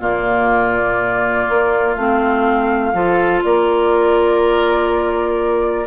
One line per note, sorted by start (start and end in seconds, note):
0.00 1.46 A#2
0.00 1.96 A#3
0.00 2.93 F4
0.00 1.95 D5
1.49 1.96 A#3
1.95 2.94 A3
1.95 2.94 C4
1.95 3.41 F5
2.94 3.43 F3
2.94 5.87 F4
2.94 3.44 A4
3.44 5.87 A#3
3.44 5.87 A#4
3.44 5.87 D5